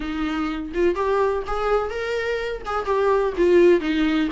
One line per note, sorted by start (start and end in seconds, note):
0.00 0.72 D#4
0.74 0.95 F4
0.95 1.43 G4
1.46 1.90 G#4
1.90 2.62 A#4
2.65 2.85 G#4
2.85 3.33 G4
3.37 3.80 F4
3.80 4.28 D#4